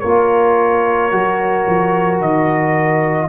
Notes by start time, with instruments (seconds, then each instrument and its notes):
0.00 tuba A#3, trombone F4, horn A#4, trumpet C#5
1.11 tuba F#3, trombone F#4
1.67 tuba F3
2.19 tuba D#3, trumpet D#5